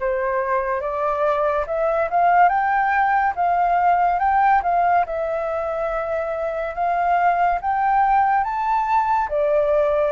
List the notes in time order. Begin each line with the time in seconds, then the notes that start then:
0.00 C5
0.81 D5
1.67 E5
2.10 F5
2.49 G5
3.35 F5
4.19 G5
4.63 F5
5.06 E5
6.75 F5
7.61 G5
8.44 A5
9.29 D5